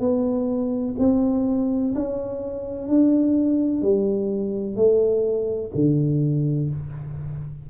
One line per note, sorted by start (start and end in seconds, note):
0.00 0.95 B3
0.99 1.94 C4
1.95 2.88 C#4
2.88 3.82 D4
3.82 4.76 G3
4.76 5.71 A3
5.75 6.70 D3